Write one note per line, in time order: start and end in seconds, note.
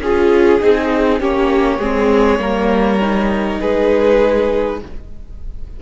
0.00 0.60 C#4
0.00 0.61 F4
0.00 1.22 G#4
0.00 1.20 G#4
0.61 1.20 C4
0.61 1.20 D#4
1.20 1.79 A#3
1.20 1.80 C#4
1.20 1.78 G4
1.20 3.60 C#5
1.78 2.39 G#3
1.78 2.39 C4
1.78 2.38 G#4
2.39 3.59 G3
2.39 2.99 A#3
2.39 3.60 A#4
3.01 4.81 D#4
3.60 4.82 G#3
3.60 4.80 G#4
3.60 4.80 B4